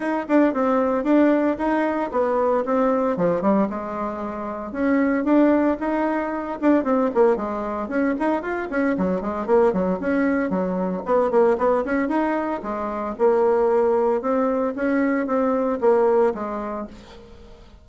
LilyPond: \new Staff \with { instrumentName = "bassoon" } { \time 4/4 \tempo 4 = 114 dis'8 d'8 c'4 d'4 dis'4 | b4 c'4 f8 g8 gis4~ | gis4 cis'4 d'4 dis'4~ | dis'8 d'8 c'8 ais8 gis4 cis'8 dis'8 |
f'8 cis'8 fis8 gis8 ais8 fis8 cis'4 | fis4 b8 ais8 b8 cis'8 dis'4 | gis4 ais2 c'4 | cis'4 c'4 ais4 gis4 | }